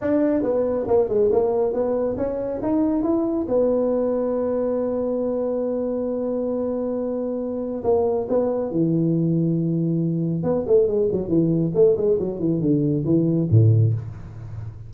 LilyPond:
\new Staff \with { instrumentName = "tuba" } { \time 4/4 \tempo 4 = 138 d'4 b4 ais8 gis8 ais4 | b4 cis'4 dis'4 e'4 | b1~ | b1~ |
b2 ais4 b4 | e1 | b8 a8 gis8 fis8 e4 a8 gis8 | fis8 e8 d4 e4 a,4 | }